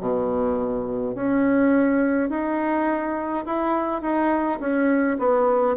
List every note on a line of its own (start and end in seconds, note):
0.00 1.15 B2
1.15 2.30 C#4
2.30 3.45 D#4
3.46 4.02 E4
4.02 4.59 D#4
4.60 5.18 C#4
5.19 5.76 B3